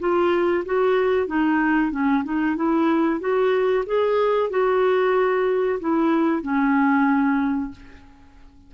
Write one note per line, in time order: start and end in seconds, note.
0.00 0.65 F4
0.66 1.27 F#4
1.27 1.91 D#4
1.91 2.24 C#4
2.25 2.56 D#4
2.56 3.20 E4
3.20 3.85 F#4
3.86 4.51 G#4
4.51 5.80 F#4
5.80 6.43 E4
6.43 7.72 C#4